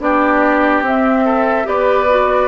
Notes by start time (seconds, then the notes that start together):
0.00 B3 D4 G4 D5
0.82 C4 E5
1.25 A4
1.64 B3 G4 B4 D5
2.09 F#4